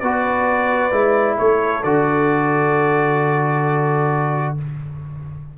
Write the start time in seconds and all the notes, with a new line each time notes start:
0.00 B3 F#4 B4 D5
0.92 G#3 E4
1.37 A3 A4 C#5
1.83 D3 F#4 D5